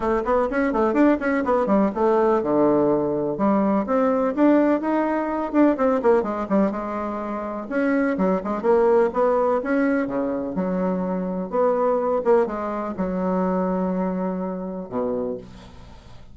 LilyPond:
\new Staff \with { instrumentName = "bassoon" } { \time 4/4 \tempo 4 = 125 a8 b8 cis'8 a8 d'8 cis'8 b8 g8 | a4 d2 g4 | c'4 d'4 dis'4. d'8 | c'8 ais8 gis8 g8 gis2 |
cis'4 fis8 gis8 ais4 b4 | cis'4 cis4 fis2 | b4. ais8 gis4 fis4~ | fis2. b,4 | }